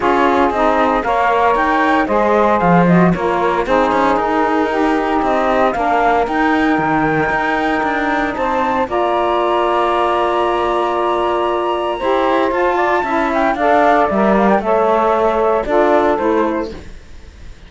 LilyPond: <<
  \new Staff \with { instrumentName = "flute" } { \time 4/4 \tempo 4 = 115 cis''4 dis''4 f''4 g''4 | dis''4 f''8 dis''8 cis''4 c''4 | ais'2 dis''4 f''4 | g''1 |
a''4 ais''2.~ | ais''1 | a''4. g''8 f''4 e''8 f''16 g''16 | e''2 d''4 c''4 | }
  \new Staff \with { instrumentName = "saxophone" } { \time 4/4 gis'2 cis''2 | c''2 ais'4 gis'4~ | gis'4 g'2 ais'4~ | ais'1 |
c''4 d''2.~ | d''2. c''4~ | c''8 d''8 e''4 d''2 | cis''2 a'2 | }
  \new Staff \with { instrumentName = "saxophone" } { \time 4/4 f'4 dis'4 ais'2 | gis'4. fis'8 f'4 dis'4~ | dis'2. d'4 | dis'1~ |
dis'4 f'2.~ | f'2. g'4 | f'4 e'4 a'4 ais'4 | a'2 f'4 e'4 | }
  \new Staff \with { instrumentName = "cello" } { \time 4/4 cis'4 c'4 ais4 dis'4 | gis4 f4 ais4 c'8 cis'8 | dis'2 c'4 ais4 | dis'4 dis4 dis'4 d'4 |
c'4 ais2.~ | ais2. e'4 | f'4 cis'4 d'4 g4 | a2 d'4 a4 | }
>>